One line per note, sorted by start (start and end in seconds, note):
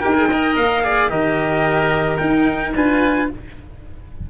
0.00 0.57 D#4
0.00 0.14 G4
0.00 0.28 A#4
0.00 0.55 G5
0.15 0.28 G#4
0.30 0.84 A#4
0.30 0.84 D#5
0.57 1.10 A#3
0.57 1.10 F5
0.84 1.09 G#4
0.84 1.11 D5
1.09 2.19 D#3
1.09 2.19 G4
1.09 2.74 A#4
1.09 2.17 D#5
2.17 2.74 D#4
2.17 2.75 D#4
2.17 2.72 G5
2.75 3.29 D4
2.75 3.30 F4
2.75 3.30 B4
2.75 3.30 G#5